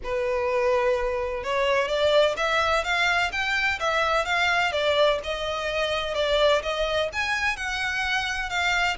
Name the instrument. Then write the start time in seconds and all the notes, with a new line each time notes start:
violin
0.03 B4
1.43 C#5
1.87 D5
2.36 E5
2.83 F5
3.32 G5
3.79 E5
4.25 F5
4.72 D5
5.23 D#5
6.14 D5
6.62 D#5
7.13 G#5
7.56 F#5
8.49 F5